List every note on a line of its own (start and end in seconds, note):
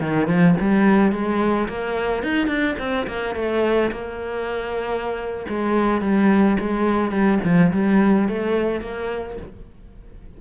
0.00 0.27 D#3
0.27 0.55 F3
0.60 1.12 G3
1.12 1.68 G#3
1.68 2.23 A#3
2.23 2.47 D#4
2.47 2.75 D4
2.79 3.07 C4
3.07 3.35 A#3
3.35 3.91 A3
3.92 5.46 A#3
5.48 6.01 G#3
6.01 6.57 G3
6.59 7.11 G#3
7.11 7.39 G3
7.43 7.72 F3
7.72 8.28 G3
8.28 8.81 A3
8.81 9.37 A#3